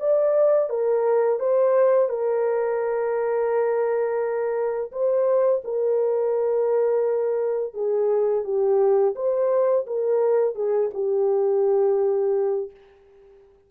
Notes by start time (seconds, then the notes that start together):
0.00 D5
0.69 A#4
1.39 C5
2.09 A#4
4.92 C5
5.64 A#4
7.74 G#4
8.44 G4
9.15 C5
9.87 A#4
10.55 G#4
10.94 G4